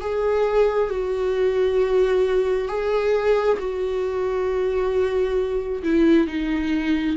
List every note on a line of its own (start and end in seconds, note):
0.00 0.90 G#4
0.90 2.68 F#4
2.68 3.58 G#4
3.59 5.82 F#4
5.83 6.27 E4
6.27 7.16 D#4